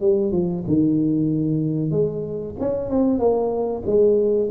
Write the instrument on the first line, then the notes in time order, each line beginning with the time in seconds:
tuba
0.00 G3
0.32 F3
0.67 D#3
1.91 G#3
2.60 C#4
2.89 C4
3.19 A#3
3.86 G#3